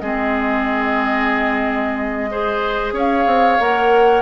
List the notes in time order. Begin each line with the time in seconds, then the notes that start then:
0.00 G#3 C4 G#4 D#5
2.29 G#4 C5
2.92 C#4 C#5 F5
3.26 C4
3.60 A#3 A#4 F#5